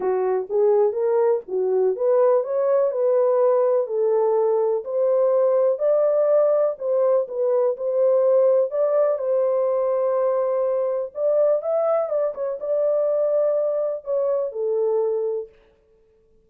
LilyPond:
\new Staff \with { instrumentName = "horn" } { \time 4/4 \tempo 4 = 124 fis'4 gis'4 ais'4 fis'4 | b'4 cis''4 b'2 | a'2 c''2 | d''2 c''4 b'4 |
c''2 d''4 c''4~ | c''2. d''4 | e''4 d''8 cis''8 d''2~ | d''4 cis''4 a'2 | }